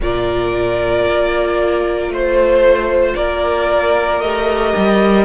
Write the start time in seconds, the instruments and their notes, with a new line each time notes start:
0.00 cello A#2, viola F4, violin A#4 D5
1.05 cello A#3
2.08 cello A3, violin C5
3.15 cello A#3, violin A#4 D5
4.20 cello A3, viola G4, violin D#5
4.76 cello G3